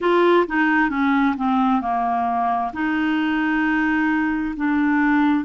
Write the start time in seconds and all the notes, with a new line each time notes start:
0.00 F4
0.47 D#4
0.89 C#4
1.36 C4
1.81 A#3
2.73 D#4
4.56 D4